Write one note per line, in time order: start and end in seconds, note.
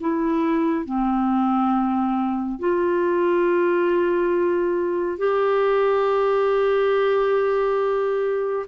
0.00 0.85 E4
0.85 2.59 C4
2.59 5.18 F4
5.18 8.66 G4